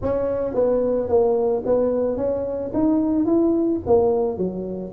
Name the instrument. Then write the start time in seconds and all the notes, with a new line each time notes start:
tuba
0.02 C#4
0.54 B3
1.08 A#3
1.65 B3
2.16 C#4
2.73 D#4
3.25 E4
3.86 A#3
4.37 F#3